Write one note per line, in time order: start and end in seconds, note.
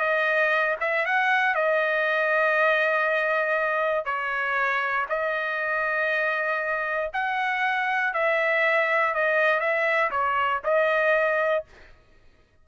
0.00 0.76 D#5
0.80 1.05 E5
1.05 1.55 F#5
1.55 4.05 D#5
4.05 5.06 C#5
5.09 7.11 D#5
7.13 8.13 F#5
8.13 9.14 E5
9.14 9.60 D#5
9.60 10.10 E5
10.10 10.61 C#5
10.64 11.65 D#5